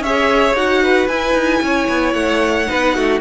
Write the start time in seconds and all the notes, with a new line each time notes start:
0.00 C#4 G#4 C#5 E5
0.54 D#4 F#4 F#5
0.83 B4
1.08 E4 G#5
1.34 D#4
1.62 C#4 C#5
1.89 B3
2.13 A3 F#5
2.66 B3 D#4 B4
2.95 A3 F#4